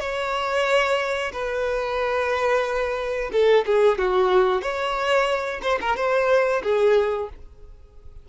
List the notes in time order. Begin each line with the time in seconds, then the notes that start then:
0.00 C#5
1.33 B4
3.32 A4
3.66 G#4
3.98 F#4
4.62 C#5
5.62 C5
5.81 A#4
5.96 C5
6.63 G#4